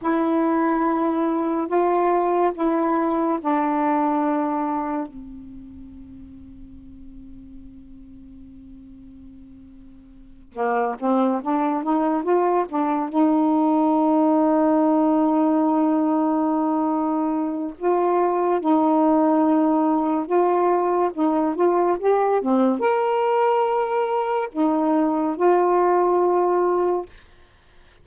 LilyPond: \new Staff \with { instrumentName = "saxophone" } { \time 4/4 \tempo 4 = 71 e'2 f'4 e'4 | d'2 c'2~ | c'1~ | c'8 ais8 c'8 d'8 dis'8 f'8 d'8 dis'8~ |
dis'1~ | dis'4 f'4 dis'2 | f'4 dis'8 f'8 g'8 c'8 ais'4~ | ais'4 dis'4 f'2 | }